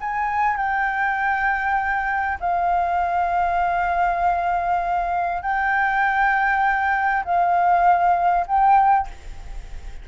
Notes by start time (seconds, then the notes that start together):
0.00 G#5
0.56 G5
2.40 F5
5.42 G5
7.24 F5
8.47 G5